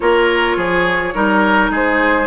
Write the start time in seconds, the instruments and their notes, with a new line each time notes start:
0.00 bassoon A#3, clarinet F4, oboe A#4, flute C#5
0.56 bassoon F3, oboe G#4
1.13 bassoon G3, clarinet D#4, oboe A#4
1.70 bassoon G#3, oboe G#4, flute C5